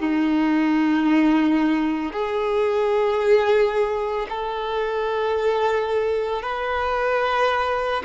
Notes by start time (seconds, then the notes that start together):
0.00 D#4
2.12 G#4
4.29 A4
6.42 B4